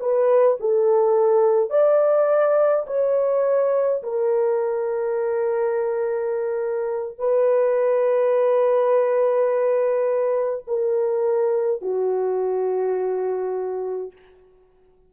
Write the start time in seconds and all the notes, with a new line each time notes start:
0.00 B4
0.60 A4
1.70 D5
2.87 C#5
4.03 A#4
7.19 B4
10.67 A#4
11.82 F#4